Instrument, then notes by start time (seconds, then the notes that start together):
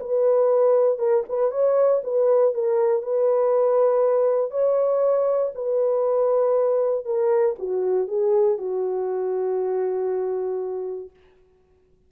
horn
0.00 B4
0.98 A#4
1.29 B4
1.51 C#5
2.04 B4
2.54 A#4
3.03 B4
4.51 C#5
5.55 B4
7.05 A#4
7.59 F#4
8.07 G#4
8.58 F#4